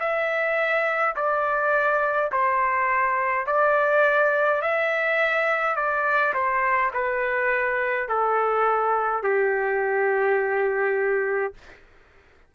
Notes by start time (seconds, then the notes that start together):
0.00 E5
1.16 D5
2.32 C5
3.47 D5
4.62 E5
5.76 D5
6.34 C5
6.94 B4
8.09 A4
9.23 G4